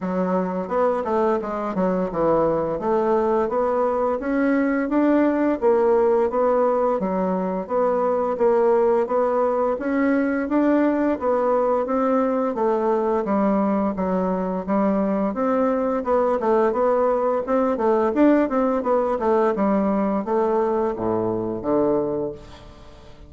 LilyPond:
\new Staff \with { instrumentName = "bassoon" } { \time 4/4 \tempo 4 = 86 fis4 b8 a8 gis8 fis8 e4 | a4 b4 cis'4 d'4 | ais4 b4 fis4 b4 | ais4 b4 cis'4 d'4 |
b4 c'4 a4 g4 | fis4 g4 c'4 b8 a8 | b4 c'8 a8 d'8 c'8 b8 a8 | g4 a4 a,4 d4 | }